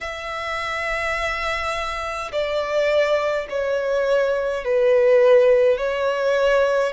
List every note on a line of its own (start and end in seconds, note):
0.01 2.31 E5
2.31 3.47 D5
3.49 4.64 C#5
4.64 5.77 B4
5.77 6.92 C#5